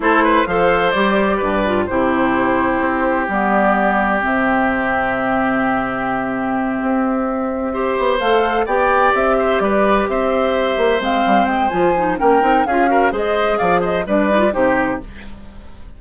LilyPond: <<
  \new Staff \with { instrumentName = "flute" } { \time 4/4 \tempo 4 = 128 c''4 f''4 d''2 | c''2. d''4~ | d''4 e''2.~ | e''1~ |
e''4. f''4 g''4 e''8~ | e''8 d''4 e''2 f''8~ | f''8 g''8 gis''4 g''4 f''4 | dis''4 f''8 dis''8 d''4 c''4 | }
  \new Staff \with { instrumentName = "oboe" } { \time 4/4 a'8 b'8 c''2 b'4 | g'1~ | g'1~ | g'1~ |
g'8 c''2 d''4. | c''8 b'4 c''2~ c''8~ | c''2 ais'4 gis'8 ais'8 | c''4 d''8 c''8 b'4 g'4 | }
  \new Staff \with { instrumentName = "clarinet" } { \time 4/4 e'4 a'4 g'4. f'8 | e'2. b4~ | b4 c'2.~ | c'1~ |
c'8 g'4 a'4 g'4.~ | g'2.~ g'8 c'8~ | c'4 f'8 dis'8 cis'8 dis'8 f'8 fis'8 | gis'2 d'8 dis'16 f'16 dis'4 | }
  \new Staff \with { instrumentName = "bassoon" } { \time 4/4 a4 f4 g4 g,4 | c2 c'4 g4~ | g4 c2.~ | c2~ c8 c'4.~ |
c'4 b8 a4 b4 c'8~ | c'8 g4 c'4. ais8 gis8 | g8 gis8 f4 ais8 c'8 cis'4 | gis4 f4 g4 c4 | }
>>